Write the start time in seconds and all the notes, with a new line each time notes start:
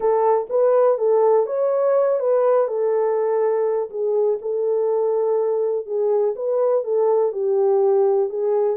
0.00 A4
0.49 B4
0.98 A4
1.46 C#5
2.19 B4
2.67 A4
3.89 G#4
4.41 A4
5.86 G#4
6.35 B4
6.84 A4
7.32 G4
8.29 G#4